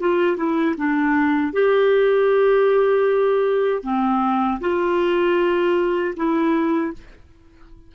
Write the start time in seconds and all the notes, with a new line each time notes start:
0.00 F4
0.37 E4
0.77 D4
1.53 G4
3.83 C4
4.60 F4
6.16 E4